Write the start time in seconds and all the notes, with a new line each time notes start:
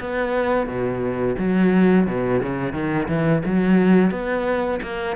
0.00 B3
0.67 B2
1.39 F#3
2.07 B2
2.43 C#3
2.73 D#3
3.08 E3
3.46 F#3
4.11 B3
4.83 A#3